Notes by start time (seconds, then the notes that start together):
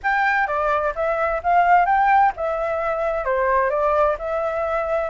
0.03 G5
0.47 D5
0.95 E5
1.43 F5
1.85 G5
2.36 E5
3.24 C5
3.70 D5
4.18 E5